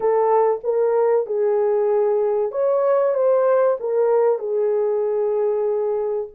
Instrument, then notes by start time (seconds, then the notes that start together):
horn
0.00 A4
0.63 A#4
1.26 G#4
2.51 C#5
3.14 C5
3.80 A#4
4.38 G#4